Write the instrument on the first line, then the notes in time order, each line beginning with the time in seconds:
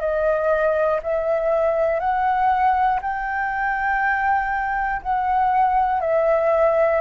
flute
0.00 D#5
1.02 E5
2.00 F#5
3.02 G5
5.02 F#5
6.00 E5